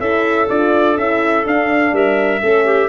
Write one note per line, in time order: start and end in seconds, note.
0.00 0.48 C#4
0.00 0.48 E4
0.00 1.94 A4
0.00 0.49 E5
0.49 0.97 D4
0.49 0.98 F4
0.49 0.98 D5
0.97 1.46 C#4
0.97 1.44 E4
0.97 1.46 E5
1.44 2.41 D4
1.44 1.93 D4
1.44 1.95 F5
1.93 2.41 G3
1.93 2.42 A#4
1.93 2.89 E5
2.41 2.89 A3
2.41 2.89 C#4
2.41 2.66 A4
2.66 2.89 G4